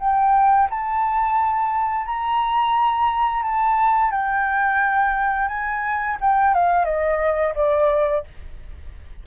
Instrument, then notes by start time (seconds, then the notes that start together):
flute
0.00 G5
0.70 A5
2.06 A#5
3.43 A5
4.12 G5
5.49 G#5
6.21 G5
6.54 F5
6.85 D#5
7.55 D5